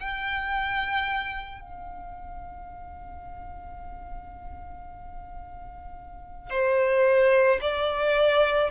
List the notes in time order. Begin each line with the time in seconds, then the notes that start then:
0.00 G5
1.60 F5
6.50 C5
7.61 D5